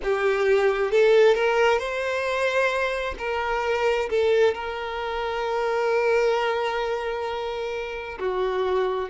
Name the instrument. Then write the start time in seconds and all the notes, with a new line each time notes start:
violin
0.03 G4
0.91 A4
1.34 A#4
1.78 C5
3.18 A#4
4.09 A4
4.54 A#4
8.19 F#4